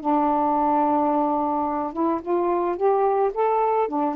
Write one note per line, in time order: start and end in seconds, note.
0.00 1.93 D4
1.93 2.20 E4
2.21 2.76 F4
2.76 3.31 G4
3.34 3.88 A4
3.88 4.15 D4